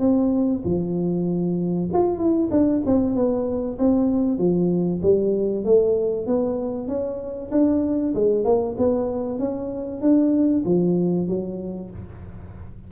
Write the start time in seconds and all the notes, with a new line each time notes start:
0.00 C4
0.65 F3
1.94 F4
2.18 E4
2.51 D4
2.86 C4
3.16 B3
3.79 C4
4.39 F3
5.03 G3
5.65 A3
6.27 B3
6.88 C#4
7.52 D4
8.15 G#3
8.45 A#3
8.78 B3
9.39 C#4
10.02 D4
10.66 F3
11.28 F#3